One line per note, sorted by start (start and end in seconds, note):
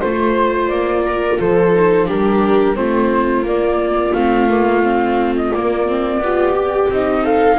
0.00 0.69 A3
0.00 1.74 F4
0.00 1.03 C5
0.00 0.68 C5
0.68 1.38 A#3
0.68 1.37 D5
1.05 1.39 A#4
1.39 2.08 F3
1.39 2.06 A4
1.39 2.09 C5
1.74 2.07 D#4
2.06 2.77 G3
2.06 2.75 D4
2.06 2.75 G4
2.06 2.76 A#4
2.75 3.42 A3
2.75 3.44 C4
2.75 6.21 F4
2.75 3.45 C5
3.42 4.11 A#3
3.42 4.15 A#3
3.42 4.13 D5
4.13 5.52 A3
4.13 4.49 C4
4.13 5.34 F5
4.49 4.83 A#3
4.83 5.52 C4
5.36 5.52 D#5
5.52 5.87 A#3
5.52 6.19 A#3
5.52 6.90 D5
5.87 6.22 C4
6.19 6.87 B3
6.19 6.55 F4
6.19 7.23 G4
6.55 6.90 G4
6.89 7.58 C4
6.89 7.59 D#4
6.89 7.25 D#5
7.23 7.58 A4
7.23 7.59 F5